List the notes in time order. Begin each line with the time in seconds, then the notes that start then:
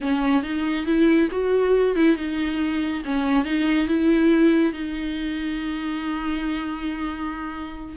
0.00 C#4
0.42 D#4
0.85 E4
1.31 F#4
1.95 E4
2.16 D#4
3.04 C#4
3.44 D#4
3.87 E4
4.72 D#4